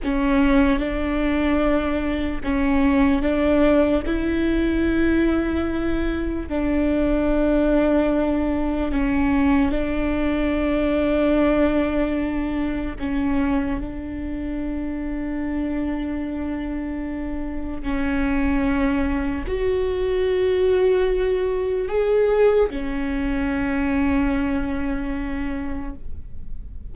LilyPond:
\new Staff \with { instrumentName = "viola" } { \time 4/4 \tempo 4 = 74 cis'4 d'2 cis'4 | d'4 e'2. | d'2. cis'4 | d'1 |
cis'4 d'2.~ | d'2 cis'2 | fis'2. gis'4 | cis'1 | }